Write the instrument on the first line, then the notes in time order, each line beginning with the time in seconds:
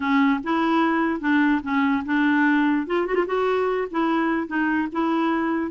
clarinet
0.00 C#4
0.43 E4
1.20 D4
1.62 C#4
2.05 D4
2.86 F4
3.06 F#4
3.14 F4
3.26 F#4
3.90 E4
4.47 D#4
4.92 E4